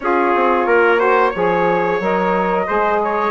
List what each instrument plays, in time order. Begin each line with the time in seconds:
0.00 bassoon C#4, saxophone F4, trumpet G#4, flute C#5
0.34 bassoon C4
0.66 bassoon A#3, trumpet A#4
0.97 saxophone F#4, trumpet C5
1.30 bassoon F3, saxophone G#4, trumpet C#5
1.99 bassoon F#3, saxophone A#4, flute D#5
2.66 bassoon G#3, saxophone G#4, trumpet C5
3.03 trumpet C#5